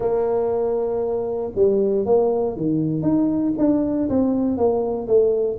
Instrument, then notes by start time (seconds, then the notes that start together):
tuba
0.00 A#3
1.55 G3
2.05 A#3
2.56 D#3
3.02 D#4
3.57 D4
4.09 C4
4.57 A#3
5.07 A3